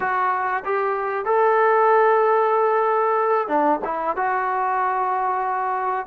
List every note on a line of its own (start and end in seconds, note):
0.00 0.63 F#4
0.64 1.25 G4
1.25 3.48 A4
3.48 3.80 D4
3.84 4.16 E4
4.16 6.06 F#4